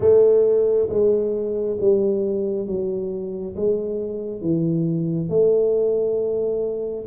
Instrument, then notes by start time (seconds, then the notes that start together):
tuba
0.00 A3
0.89 G#3
1.80 G3
2.67 F#3
3.55 G#3
4.41 E3
5.29 A3